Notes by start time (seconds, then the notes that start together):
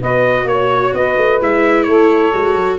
0.00 B3 F#4 B4 D#5
0.44 A#3 C#5
0.93 B3 B4 D#5
1.17 A3
1.41 G#3 E4 E5
1.83 A3 A4 C#5
2.32 G#3 F#4
2.55 F#3